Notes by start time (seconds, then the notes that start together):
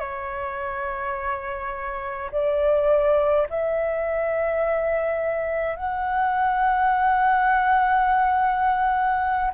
0.00 C#5
2.32 D5
3.50 E5
5.77 F#5